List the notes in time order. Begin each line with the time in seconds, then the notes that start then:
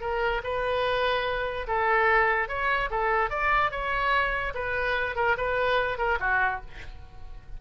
0.00 A#4
0.43 B4
1.67 A4
2.48 C#5
2.90 A4
3.30 D5
3.71 C#5
4.54 B4
5.15 A#4
5.37 B4
5.97 A#4
6.19 F#4